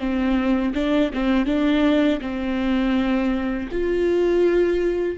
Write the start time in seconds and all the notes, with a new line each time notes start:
0.00 C4
0.75 D4
1.14 C4
1.46 D4
2.21 C4
3.72 F4